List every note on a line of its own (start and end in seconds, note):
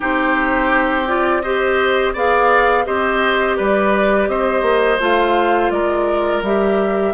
0.00 2.14 C4
0.00 1.06 D#4
0.00 1.42 G4
0.00 1.07 C5
1.06 1.42 F4
1.06 1.42 D5
1.42 2.15 G4
1.42 2.13 C5
1.42 2.13 D#5
2.13 2.85 B3
2.13 2.85 G#4
2.13 2.84 D5
2.13 2.85 F5
2.85 3.58 C4
2.85 4.99 G4
2.85 3.57 C5
2.85 3.57 D#5
3.57 4.28 G3
3.57 4.28 B4
3.57 4.28 D5
4.28 4.62 C4
4.28 5.72 C5
4.28 4.99 D#5
4.62 4.97 A#3
5.00 5.70 A3
5.00 6.42 F4
5.00 5.70 F5
5.70 6.42 G#3
5.70 7.14 A#4
5.70 6.42 D5
6.42 7.13 G3
6.42 7.14 G4
6.42 7.14 E5